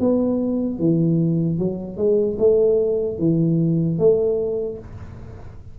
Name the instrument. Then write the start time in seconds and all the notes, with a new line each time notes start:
tuba
0.00 B3
0.80 E3
1.59 F#3
1.97 G#3
2.39 A3
3.19 E3
3.99 A3